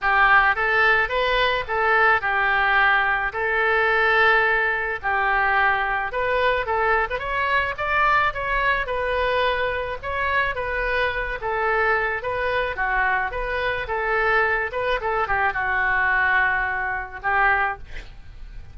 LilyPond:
\new Staff \with { instrumentName = "oboe" } { \time 4/4 \tempo 4 = 108 g'4 a'4 b'4 a'4 | g'2 a'2~ | a'4 g'2 b'4 | a'8. b'16 cis''4 d''4 cis''4 |
b'2 cis''4 b'4~ | b'8 a'4. b'4 fis'4 | b'4 a'4. b'8 a'8 g'8 | fis'2. g'4 | }